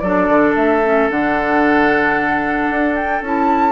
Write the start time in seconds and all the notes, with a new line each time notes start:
0.00 F#3 D4 A4 D5
0.29 D3
0.56 A3 E5
0.84 C#4
1.10 D3 D4 F#5
2.70 D4
2.96 G5
3.22 C#4 E4 A5